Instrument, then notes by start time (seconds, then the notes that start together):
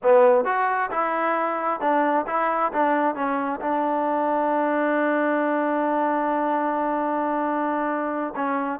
trombone
0.02 B3
0.44 F#4
0.91 E4
1.80 D4
2.26 E4
2.73 D4
3.15 C#4
3.60 D4
8.35 C#4